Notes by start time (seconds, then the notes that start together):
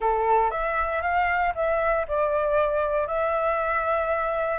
0.00 A4
0.50 E5
1.02 F5
1.54 E5
2.08 D5
3.07 E5